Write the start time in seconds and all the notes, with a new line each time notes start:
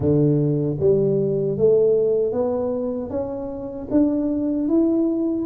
0.00 D3
0.80 G3
1.57 A3
2.32 B3
3.10 C#4
3.90 D4
4.68 E4